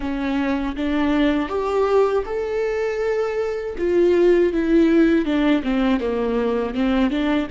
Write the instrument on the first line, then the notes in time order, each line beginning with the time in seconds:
viola
0.00 C#4
0.76 D4
1.48 G4
2.25 A4
3.77 F4
4.52 E4
5.25 D4
5.63 C4
6.00 A#3
6.74 C4
7.10 D4